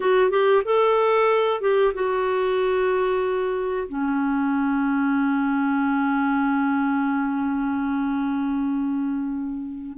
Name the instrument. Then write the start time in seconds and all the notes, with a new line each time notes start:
clarinet
0.00 F#4
0.30 G4
0.65 A4
1.60 G4
1.94 F#4
3.88 C#4